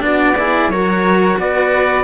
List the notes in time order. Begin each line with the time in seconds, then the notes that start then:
0.00 B3 D4 F#4 D5
0.37 E4 G#4
0.68 F#3 F#4 A#4 C#5
1.38 B3 B4 D5